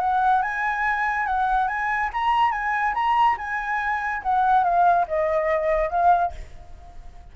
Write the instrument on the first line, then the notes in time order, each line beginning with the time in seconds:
flute
0.00 F#5
0.42 G#5
1.26 F#5
1.67 G#5
2.13 A#5
2.51 G#5
2.94 A#5
3.37 G#5
4.22 F#5
4.63 F5
5.07 D#5
5.90 F5